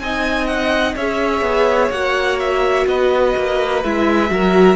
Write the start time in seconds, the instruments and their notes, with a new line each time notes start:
0.00 cello C4, viola D#4, violin D#5 G#5
0.47 violin F#5
0.96 cello C#4, viola G#4, violin C#5 E5
1.42 cello B3
1.91 cello A#3, viola F#4, violin F#5
2.40 violin E5
2.87 cello B3, violin B4 D#5
3.37 cello A#3
3.84 cello G#3, viola E4, violin E5
4.29 cello F#3, viola F#4, violin A#4